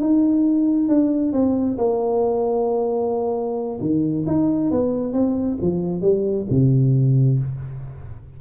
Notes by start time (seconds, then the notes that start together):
0.00 D#4
0.88 D4
1.32 C4
1.78 A#3
3.80 D#3
4.26 D#4
4.71 B3
5.13 C4
5.61 F3
6.01 G3
6.49 C3